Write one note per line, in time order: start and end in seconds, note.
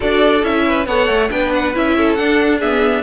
0.00 0.42 D4
0.00 0.42 F#4
0.00 0.64 A4
0.00 0.44 D5
0.42 0.86 C#4
0.42 0.86 E4
0.42 0.86 E5
0.66 0.87 B4
0.86 1.07 B3
0.86 1.30 A4
0.86 1.30 C#5
0.86 1.29 F#5
1.07 1.29 A3
1.30 1.75 B3
1.30 1.74 D4
1.30 1.96 B4
1.30 1.53 G5
1.54 1.75 F#5
1.74 2.18 C#4
1.74 2.17 E4
1.74 2.14 E5
1.97 2.59 A4
2.14 2.61 D4
2.14 3.02 D4
2.14 2.58 F#5
2.59 3.02 B3
2.59 3.02 G#4
2.59 3.02 E5